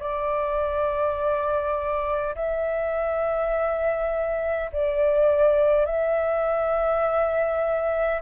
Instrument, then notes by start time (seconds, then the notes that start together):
flute
0.00 D5
2.36 E5
4.73 D5
5.86 E5